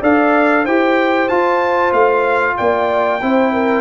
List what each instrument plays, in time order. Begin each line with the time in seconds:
0.00 tuba D4, trombone A4, horn D5, trumpet F5
0.65 tuba E4, trombone G4, horn C5, trumpet G5
1.29 trombone F4, tuba F4, trumpet A5
1.93 tuba A3, trumpet F5
2.58 tuba A#3, horn D5, trumpet G5
3.22 tuba C4, trombone E4, horn C5
3.54 horn A#4